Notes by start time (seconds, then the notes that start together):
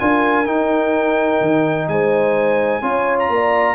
0.00 D4 F4 A#4 G#5
0.46 D#4 G5
1.41 D#3
1.88 G#3 C5 G#5
2.82 C#4 F4 C#5
3.20 A#5
3.29 A#3 D5